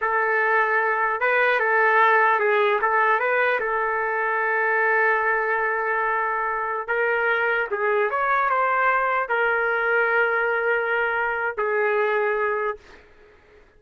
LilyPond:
\new Staff \with { instrumentName = "trumpet" } { \time 4/4 \tempo 4 = 150 a'2. b'4 | a'2 gis'4 a'4 | b'4 a'2.~ | a'1~ |
a'4~ a'16 ais'2 gis'8.~ | gis'16 cis''4 c''2 ais'8.~ | ais'1~ | ais'4 gis'2. | }